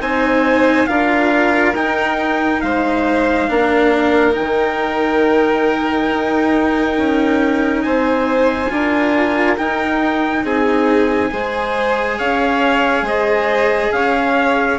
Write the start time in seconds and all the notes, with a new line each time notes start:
0.00 C4 D#4 C5 G#5
0.87 D4 F4 A#4 F5
1.75 D#4 G5
2.61 G#3 C5 F5
3.48 A#3 D4 A#4
4.32 D#4 G5
4.39 D#3
6.11 D#4
6.98 C#4
7.82 C4 C5 G#5
8.70 D4 F4 A#4
9.58 D#4 G5
10.44 C4 G#4 G#5
11.30 G#3 G#4 C5
12.19 C#4 C#5 F5
13.02 G#3 C5 D#5
13.92 C#4 C#5 F5